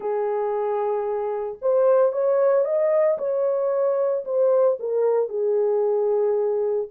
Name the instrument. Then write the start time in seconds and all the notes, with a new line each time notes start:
horn
0.00 G#4
1.61 C5
2.12 C#5
2.64 D#5
3.18 C#5
4.25 C5
4.79 A#4
5.28 G#4